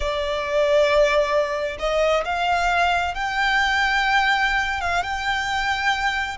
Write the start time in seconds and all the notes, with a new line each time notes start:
0.00 D5
1.79 D#5
2.24 F5
3.14 G5
4.80 F5
5.03 G5